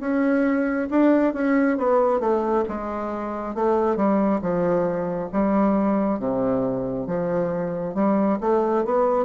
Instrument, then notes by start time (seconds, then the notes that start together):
bassoon
0.00 C#4
0.91 D4
1.34 C#4
1.78 B3
2.20 A3
2.68 G#3
3.55 A3
3.96 G3
4.42 F3
5.32 G3
6.19 C3
7.07 F3
7.95 G3
8.41 A3
8.85 B3